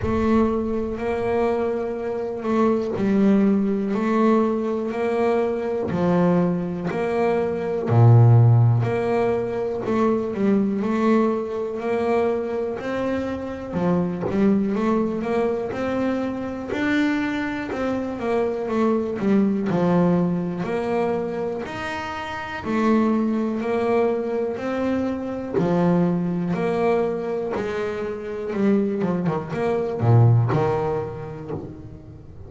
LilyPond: \new Staff \with { instrumentName = "double bass" } { \time 4/4 \tempo 4 = 61 a4 ais4. a8 g4 | a4 ais4 f4 ais4 | ais,4 ais4 a8 g8 a4 | ais4 c'4 f8 g8 a8 ais8 |
c'4 d'4 c'8 ais8 a8 g8 | f4 ais4 dis'4 a4 | ais4 c'4 f4 ais4 | gis4 g8 f16 dis16 ais8 ais,8 dis4 | }